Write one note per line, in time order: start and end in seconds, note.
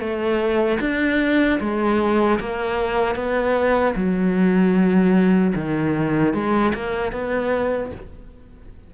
0.00 0.79 A3
0.81 1.60 D4
1.60 2.39 G#3
2.40 3.15 A#3
3.15 3.94 B3
3.96 5.54 F#3
5.55 6.34 D#3
6.34 6.74 G#3
6.74 7.13 A#3
7.13 7.92 B3